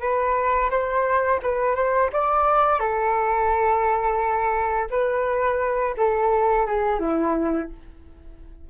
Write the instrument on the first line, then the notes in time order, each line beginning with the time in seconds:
flute
0.00 B4
0.70 C5
1.42 B4
1.75 C5
2.13 D5
2.79 A4
4.90 B4
5.97 A4
6.66 G#4
7.00 E4